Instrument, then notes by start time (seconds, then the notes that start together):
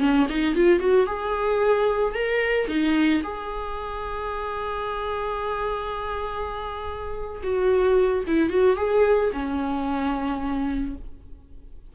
viola
0.00 C#4
0.29 D#4
0.55 F4
0.80 F#4
1.07 G#4
2.15 A#4
2.68 D#4
3.23 G#4
7.43 F#4
8.27 E4
8.50 F#4
8.77 G#4
9.33 C#4